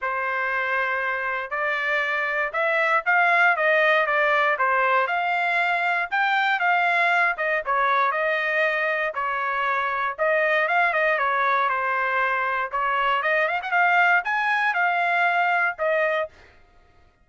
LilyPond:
\new Staff \with { instrumentName = "trumpet" } { \time 4/4 \tempo 4 = 118 c''2. d''4~ | d''4 e''4 f''4 dis''4 | d''4 c''4 f''2 | g''4 f''4. dis''8 cis''4 |
dis''2 cis''2 | dis''4 f''8 dis''8 cis''4 c''4~ | c''4 cis''4 dis''8 f''16 fis''16 f''4 | gis''4 f''2 dis''4 | }